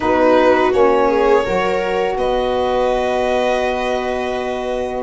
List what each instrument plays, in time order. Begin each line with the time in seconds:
0.00 tuba B3, saxophone D#4, viola F#4, violin B4
0.71 tuba A#3, saxophone C#4, violin C#5
1.08 viola G#4
1.44 tuba F#3, saxophone F#4, viola A#4
2.16 tuba B3, viola B4, violin D#5